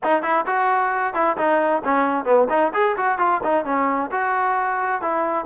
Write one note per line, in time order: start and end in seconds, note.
0.03 0.22 D#4
0.22 0.45 E4
0.46 1.14 F#4
1.14 1.36 E4
1.37 1.82 D#4
1.84 2.24 C#4
2.24 2.47 B3
2.49 2.72 D#4
2.73 2.96 G#4
2.97 3.18 F#4
3.18 3.40 F4
3.43 3.64 D#4
3.64 4.10 C#4
4.11 5.01 F#4
5.01 5.45 E4